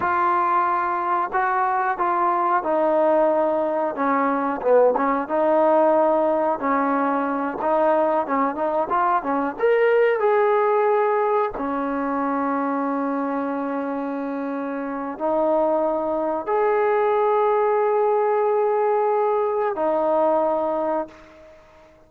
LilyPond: \new Staff \with { instrumentName = "trombone" } { \time 4/4 \tempo 4 = 91 f'2 fis'4 f'4 | dis'2 cis'4 b8 cis'8 | dis'2 cis'4. dis'8~ | dis'8 cis'8 dis'8 f'8 cis'8 ais'4 gis'8~ |
gis'4. cis'2~ cis'8~ | cis'2. dis'4~ | dis'4 gis'2.~ | gis'2 dis'2 | }